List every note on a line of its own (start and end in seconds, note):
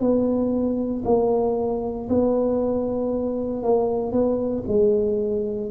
0.00 1.03 B3
1.05 2.09 A#3
2.09 3.63 B3
3.63 4.12 A#3
4.12 4.64 B3
4.68 5.71 G#3